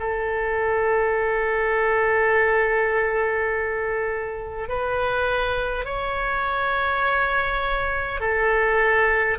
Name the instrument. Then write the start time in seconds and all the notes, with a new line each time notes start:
oboe
0.00 A4
4.69 B4
5.85 C#5
8.20 A4